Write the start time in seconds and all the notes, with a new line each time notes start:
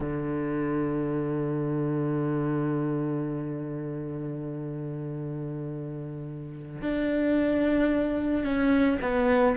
0.00 D3
6.81 D4
8.43 C#4
9.01 B3